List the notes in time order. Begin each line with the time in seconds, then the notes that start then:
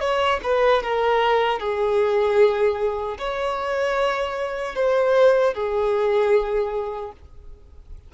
0.00 C#5
0.43 B4
0.83 A#4
1.59 G#4
3.18 C#5
4.75 C5
5.54 G#4